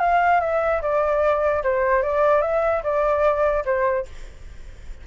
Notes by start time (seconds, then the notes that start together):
0.00 F5
0.41 E5
0.82 D5
1.64 C5
2.03 D5
2.42 E5
2.83 D5
3.65 C5